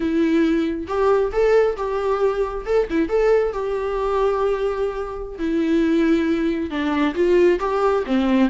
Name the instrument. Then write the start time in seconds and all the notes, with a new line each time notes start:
viola
0.00 E4
0.87 G4
1.32 A4
1.76 G4
2.65 A4
2.90 E4
3.08 A4
3.52 G4
5.38 E4
6.70 D4
7.15 F4
7.59 G4
8.06 C4